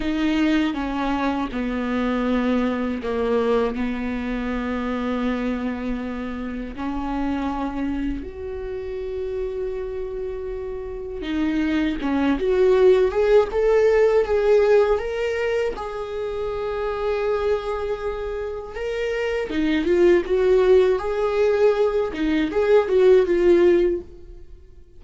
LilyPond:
\new Staff \with { instrumentName = "viola" } { \time 4/4 \tempo 4 = 80 dis'4 cis'4 b2 | ais4 b2.~ | b4 cis'2 fis'4~ | fis'2. dis'4 |
cis'8 fis'4 gis'8 a'4 gis'4 | ais'4 gis'2.~ | gis'4 ais'4 dis'8 f'8 fis'4 | gis'4. dis'8 gis'8 fis'8 f'4 | }